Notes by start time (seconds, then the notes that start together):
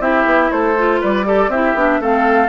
0.00 C4 E4 G4 E5
0.26 B3
0.52 A3 A4 C5
0.78 F4
1.01 G3 B4 D5
1.26 G4 A4
1.49 C4 E4 G4 E5
1.75 B3 D4
2.00 A3 C4 A4 F5